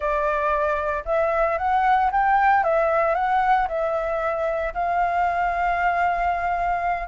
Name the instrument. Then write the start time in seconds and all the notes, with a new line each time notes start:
flute
0.00 D5
1.05 E5
1.58 F#5
2.11 G5
2.63 E5
3.15 F#5
3.68 E5
4.74 F5